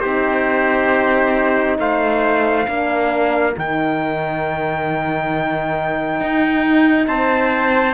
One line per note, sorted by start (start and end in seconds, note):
0.00 1.78 C4
0.00 2.65 D#4
0.00 1.78 G4
0.00 1.76 C5
1.78 2.67 A3
1.78 2.68 C5
1.78 3.56 F5
2.66 3.55 A#3
2.66 3.55 D4
2.66 7.08 A#4
3.56 6.20 D#3
3.56 7.94 D#4
3.56 7.07 G5
6.20 7.07 D#4
7.07 7.94 C4
7.07 7.94 C5
7.07 7.94 A5